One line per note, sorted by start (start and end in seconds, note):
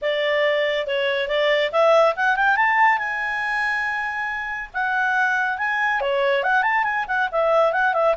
0.01 0.86 D5
0.86 1.27 C#5
1.27 1.70 D5
1.72 2.14 E5
2.16 2.36 F#5
2.36 2.56 G5
2.56 2.98 A5
2.98 4.69 G#5
4.73 5.58 F#5
5.58 6.01 G#5
6.01 6.43 C#5
6.43 6.62 F#5
6.62 6.83 A5
6.83 7.05 G#5
7.07 7.29 F#5
7.31 7.72 E5
7.72 7.93 F#5
7.93 8.15 E5